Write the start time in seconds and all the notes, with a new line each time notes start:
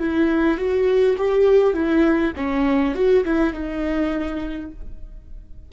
0.00 E4
0.58 F#4
1.18 G4
1.74 E4
2.36 C#4
2.95 F#4
3.24 E4
3.53 D#4